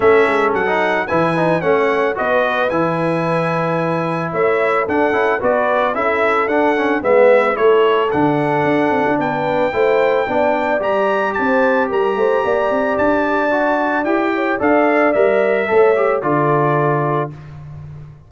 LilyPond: <<
  \new Staff \with { instrumentName = "trumpet" } { \time 4/4 \tempo 4 = 111 e''4 fis''4 gis''4 fis''4 | dis''4 gis''2. | e''4 fis''4 d''4 e''4 | fis''4 e''4 cis''4 fis''4~ |
fis''4 g''2. | ais''4 a''4 ais''2 | a''2 g''4 f''4 | e''2 d''2 | }
  \new Staff \with { instrumentName = "horn" } { \time 4/4 a'2 b'4 cis''4 | b'1 | cis''4 a'4 b'4 a'4~ | a'4 b'4 a'2~ |
a'4 b'4 c''4 d''4~ | d''4 c''4 ais'8 c''8 d''4~ | d''2~ d''8 cis''8 d''4~ | d''4 cis''4 a'2 | }
  \new Staff \with { instrumentName = "trombone" } { \time 4/4 cis'4~ cis'16 dis'8. e'8 dis'8 cis'4 | fis'4 e'2.~ | e'4 d'8 e'8 fis'4 e'4 | d'8 cis'8 b4 e'4 d'4~ |
d'2 e'4 d'4 | g'1~ | g'4 fis'4 g'4 a'4 | ais'4 a'8 g'8 f'2 | }
  \new Staff \with { instrumentName = "tuba" } { \time 4/4 a8 gis8 fis4 e4 a4 | b4 e2. | a4 d'8 cis'8 b4 cis'4 | d'4 gis4 a4 d4 |
d'8 c'16 d'16 b4 a4 b4 | g4 c'4 g8 a8 ais8 c'8 | d'2 e'4 d'4 | g4 a4 d2 | }
>>